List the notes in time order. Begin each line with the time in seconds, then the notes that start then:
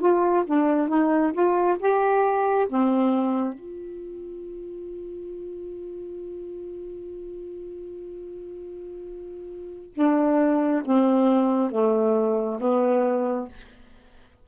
0.00 F4
0.47 D4
0.88 D#4
1.33 F4
1.79 G4
2.69 C4
3.53 F4
9.94 D4
10.85 C4
11.71 A3
12.60 B3